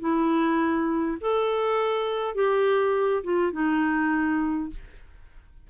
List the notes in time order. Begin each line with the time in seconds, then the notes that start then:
0.00 E4
1.21 A4
2.35 G4
3.23 F4
3.52 D#4